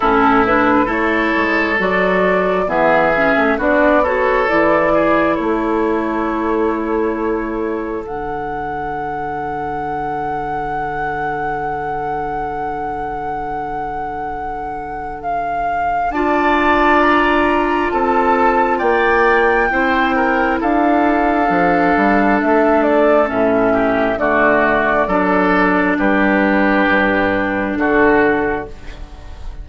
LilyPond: <<
  \new Staff \with { instrumentName = "flute" } { \time 4/4 \tempo 4 = 67 a'8 b'8 cis''4 d''4 e''4 | d''8 cis''8 d''4 cis''2~ | cis''4 fis''2.~ | fis''1~ |
fis''4 f''4 a''4 ais''4 | a''4 g''2 f''4~ | f''4 e''8 d''8 e''4 d''4~ | d''4 b'2 a'4 | }
  \new Staff \with { instrumentName = "oboe" } { \time 4/4 e'4 a'2 gis'4 | fis'8 a'4 gis'8 a'2~ | a'1~ | a'1~ |
a'2 d''2 | a'4 d''4 c''8 ais'8 a'4~ | a'2~ a'8 g'8 fis'4 | a'4 g'2 fis'4 | }
  \new Staff \with { instrumentName = "clarinet" } { \time 4/4 cis'8 d'8 e'4 fis'4 b8 cis'8 | d'8 fis'8 e'2.~ | e'4 d'2.~ | d'1~ |
d'2 f'2~ | f'2 e'2 | d'2 cis'4 a4 | d'1 | }
  \new Staff \with { instrumentName = "bassoon" } { \time 4/4 a,4 a8 gis8 fis4 e8. a16 | b4 e4 a2~ | a4 d2.~ | d1~ |
d2 d'2 | c'4 ais4 c'4 d'4 | f8 g8 a4 a,4 d4 | fis4 g4 g,4 d4 | }
>>